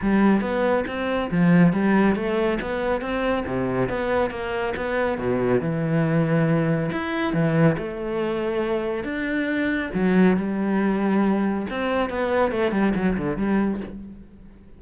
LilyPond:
\new Staff \with { instrumentName = "cello" } { \time 4/4 \tempo 4 = 139 g4 b4 c'4 f4 | g4 a4 b4 c'4 | c4 b4 ais4 b4 | b,4 e2. |
e'4 e4 a2~ | a4 d'2 fis4 | g2. c'4 | b4 a8 g8 fis8 d8 g4 | }